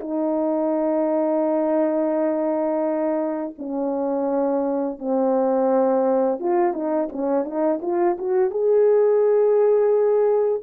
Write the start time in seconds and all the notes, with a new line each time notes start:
0.00 D#4
3.58 C#4
4.99 C4
6.39 F4
6.73 D#4
7.12 C#4
7.44 D#4
7.82 F4
8.18 F#4
8.50 G#4